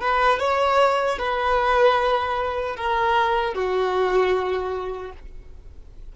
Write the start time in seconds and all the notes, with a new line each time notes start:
0.00 B4
0.39 C#5
1.18 B4
2.76 A#4
3.54 F#4